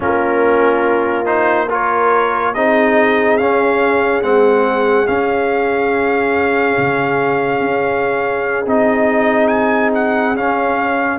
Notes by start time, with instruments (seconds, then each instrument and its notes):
0.00 tuba A#3, trombone C#4, horn F4, trumpet A#4
1.25 trombone D#4, trumpet C5
1.68 trombone F4, horn A#4, trumpet C#5
2.54 tuba C4, trombone D#4, horn G#4, trumpet D#5
3.37 trombone C#4, tuba C#4, trumpet F5
4.21 tuba G#3, trombone C4, trumpet F#5
5.07 trombone C#4, tuba C#4, trumpet F5
6.77 tuba C#3
7.60 tuba C#4
8.66 tuba C4, trombone D#4, trumpet D#5
9.47 trumpet G#5
9.94 trumpet F#5
10.34 tuba C#4, trombone C#4, trumpet F5